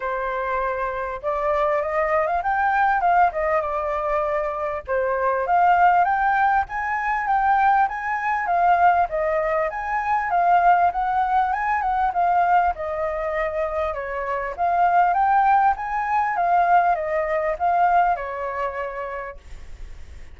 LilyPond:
\new Staff \with { instrumentName = "flute" } { \time 4/4 \tempo 4 = 99 c''2 d''4 dis''8. f''16 | g''4 f''8 dis''8 d''2 | c''4 f''4 g''4 gis''4 | g''4 gis''4 f''4 dis''4 |
gis''4 f''4 fis''4 gis''8 fis''8 | f''4 dis''2 cis''4 | f''4 g''4 gis''4 f''4 | dis''4 f''4 cis''2 | }